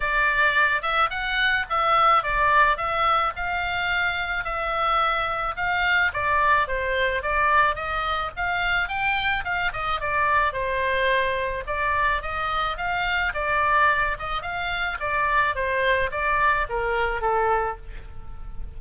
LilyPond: \new Staff \with { instrumentName = "oboe" } { \time 4/4 \tempo 4 = 108 d''4. e''8 fis''4 e''4 | d''4 e''4 f''2 | e''2 f''4 d''4 | c''4 d''4 dis''4 f''4 |
g''4 f''8 dis''8 d''4 c''4~ | c''4 d''4 dis''4 f''4 | d''4. dis''8 f''4 d''4 | c''4 d''4 ais'4 a'4 | }